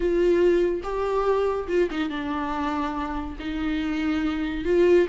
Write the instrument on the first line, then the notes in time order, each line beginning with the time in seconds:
viola
0.00 F4
0.83 G4
1.68 F4
1.91 D#4
2.09 D4
3.39 D#4
4.64 F4